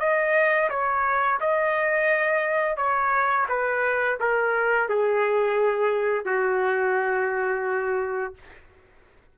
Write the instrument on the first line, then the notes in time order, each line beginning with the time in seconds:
trumpet
0.00 D#5
0.70 C#5
1.40 D#5
2.77 C#5
3.49 B4
4.20 A#4
4.89 G#4
6.25 F#4